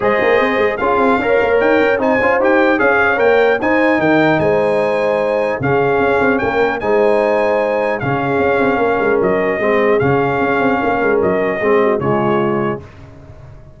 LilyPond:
<<
  \new Staff \with { instrumentName = "trumpet" } { \time 4/4 \tempo 4 = 150 dis''2 f''2 | g''4 gis''4 g''4 f''4 | g''4 gis''4 g''4 gis''4~ | gis''2 f''2 |
g''4 gis''2. | f''2. dis''4~ | dis''4 f''2. | dis''2 cis''2 | }
  \new Staff \with { instrumentName = "horn" } { \time 4/4 c''2 gis'4 cis''4~ | cis''4 c''2 cis''4~ | cis''4 c''4 ais'4 c''4~ | c''2 gis'2 |
ais'4 c''2. | gis'2 ais'2 | gis'2. ais'4~ | ais'4 gis'8 fis'8 f'2 | }
  \new Staff \with { instrumentName = "trombone" } { \time 4/4 gis'2 f'4 ais'4~ | ais'4 dis'8 f'8 g'4 gis'4 | ais'4 dis'2.~ | dis'2 cis'2~ |
cis'4 dis'2. | cis'1 | c'4 cis'2.~ | cis'4 c'4 gis2 | }
  \new Staff \with { instrumentName = "tuba" } { \time 4/4 gis8 ais8 c'8 gis8 cis'8 c'8 cis'8 ais8 | dis'8 cis'8 c'8 cis'8 dis'4 cis'4 | ais4 dis'4 dis4 gis4~ | gis2 cis4 cis'8 c'8 |
ais4 gis2. | cis4 cis'8 c'8 ais8 gis8 fis4 | gis4 cis4 cis'8 c'8 ais8 gis8 | fis4 gis4 cis2 | }
>>